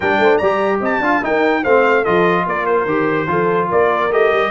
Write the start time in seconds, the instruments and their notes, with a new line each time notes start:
0.00 tuba G3, trombone D4, horn A#4, trumpet G5
0.18 tuba A3, horn C5
0.37 tuba G3, trombone G4, horn D5, trumpet A#5
0.80 tuba C4, horn D#5, trumpet A5
0.99 tuba D4, trombone F4, horn F5
1.22 trombone D#4, tuba D#4, horn A#4, trumpet G5
1.63 tuba A3, trombone C4, horn C5, trumpet F5
2.03 tuba F3, trombone F4, horn A4, trumpet D#5
2.46 tuba A#3, horn A#4, trumpet D5
2.66 trumpet C5
2.85 tuba D#3, trombone G4
3.27 tuba F3, trombone F4, horn A4
3.69 tuba A#3, horn A#4, trumpet D5
4.11 tuba A3, trombone G4, trumpet D#5
4.31 tuba G3